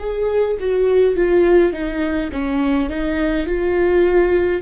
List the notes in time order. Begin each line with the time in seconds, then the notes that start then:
0.00 G#4
0.60 F#4
1.16 F4
1.73 D#4
2.32 C#4
2.90 D#4
3.47 F4